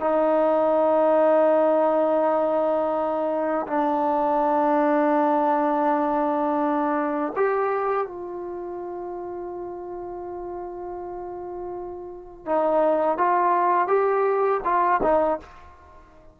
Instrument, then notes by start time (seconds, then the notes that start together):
trombone
0.00 D#4
3.67 D4
7.36 G4
8.07 F4
12.45 D#4
13.17 F4
13.87 G4
14.64 F4
15.03 D#4